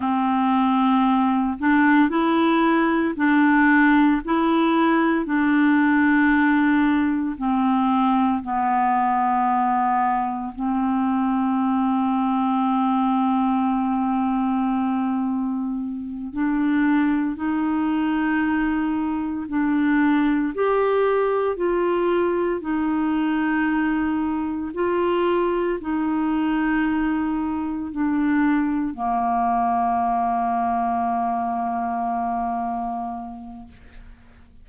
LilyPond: \new Staff \with { instrumentName = "clarinet" } { \time 4/4 \tempo 4 = 57 c'4. d'8 e'4 d'4 | e'4 d'2 c'4 | b2 c'2~ | c'2.~ c'8 d'8~ |
d'8 dis'2 d'4 g'8~ | g'8 f'4 dis'2 f'8~ | f'8 dis'2 d'4 ais8~ | ais1 | }